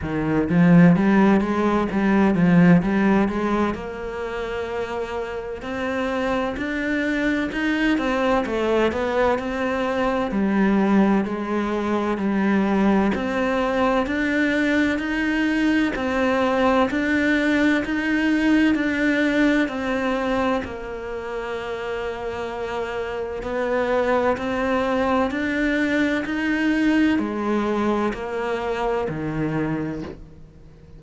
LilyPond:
\new Staff \with { instrumentName = "cello" } { \time 4/4 \tempo 4 = 64 dis8 f8 g8 gis8 g8 f8 g8 gis8 | ais2 c'4 d'4 | dis'8 c'8 a8 b8 c'4 g4 | gis4 g4 c'4 d'4 |
dis'4 c'4 d'4 dis'4 | d'4 c'4 ais2~ | ais4 b4 c'4 d'4 | dis'4 gis4 ais4 dis4 | }